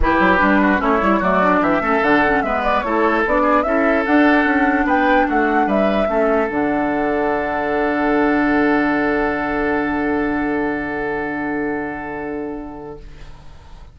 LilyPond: <<
  \new Staff \with { instrumentName = "flute" } { \time 4/4 \tempo 4 = 148 b'2 cis''4 d''4 | e''4 fis''4 e''8 d''8 cis''4 | d''4 e''4 fis''2 | g''4 fis''4 e''2 |
fis''1~ | fis''1~ | fis''1~ | fis''1 | }
  \new Staff \with { instrumentName = "oboe" } { \time 4/4 g'4. fis'8 e'4 fis'4 | g'8 a'4. b'4 a'4~ | a'8 gis'8 a'2. | b'4 fis'4 b'4 a'4~ |
a'1~ | a'1~ | a'1~ | a'1 | }
  \new Staff \with { instrumentName = "clarinet" } { \time 4/4 e'4 d'4 cis'8 e'8 a8 d'8~ | d'8 cis'8 d'8 cis'8 b4 e'4 | d'4 e'4 d'2~ | d'2. cis'4 |
d'1~ | d'1~ | d'1~ | d'1 | }
  \new Staff \with { instrumentName = "bassoon" } { \time 4/4 e8 fis8 g4 a8 g8 fis4 | e8 a8 d4 gis4 a4 | b4 cis'4 d'4 cis'4 | b4 a4 g4 a4 |
d1~ | d1~ | d1~ | d1 | }
>>